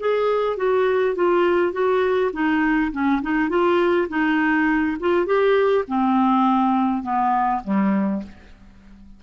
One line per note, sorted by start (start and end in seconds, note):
0.00 0.57 G#4
0.57 1.16 F#4
1.16 1.73 F4
1.73 2.32 F#4
2.33 2.92 D#4
2.93 3.22 C#4
3.22 3.50 D#4
3.50 4.09 F4
4.09 4.98 D#4
5.00 5.26 F4
5.26 5.85 G4
5.88 7.03 C4
7.03 7.62 B3
7.64 8.23 G3